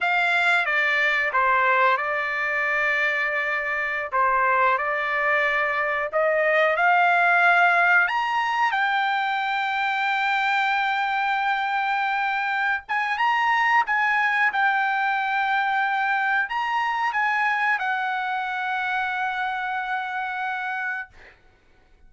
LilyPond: \new Staff \with { instrumentName = "trumpet" } { \time 4/4 \tempo 4 = 91 f''4 d''4 c''4 d''4~ | d''2~ d''16 c''4 d''8.~ | d''4~ d''16 dis''4 f''4.~ f''16~ | f''16 ais''4 g''2~ g''8.~ |
g''2.~ g''8 gis''8 | ais''4 gis''4 g''2~ | g''4 ais''4 gis''4 fis''4~ | fis''1 | }